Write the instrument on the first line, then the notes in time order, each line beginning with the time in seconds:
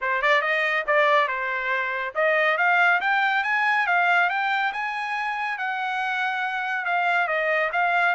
trumpet
0.01 C5
0.21 D5
0.41 D#5
0.86 D5
1.27 C5
2.14 D#5
2.57 F5
3.00 G5
3.43 G#5
3.86 F5
4.29 G5
4.72 G#5
5.58 F#5
6.85 F5
7.27 D#5
7.72 F5